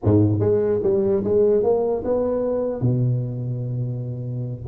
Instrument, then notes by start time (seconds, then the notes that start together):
tuba
0.04 G#2
0.39 G#3
0.83 G3
1.24 G#3
1.63 A#3
2.04 B3
2.81 B2